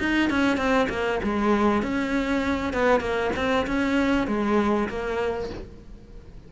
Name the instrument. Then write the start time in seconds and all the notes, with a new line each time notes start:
cello
0.00 D#4
0.30 C#4
0.57 C4
0.90 A#3
1.23 G#3
1.83 C#4
2.73 B3
3.01 A#3
3.36 C4
3.67 C#4
4.27 G#3
4.89 A#3